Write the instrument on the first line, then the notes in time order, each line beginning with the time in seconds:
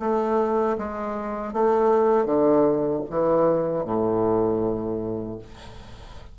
bassoon
0.00 A3
0.78 G#3
1.53 A3
2.26 D3
3.10 E3
3.85 A2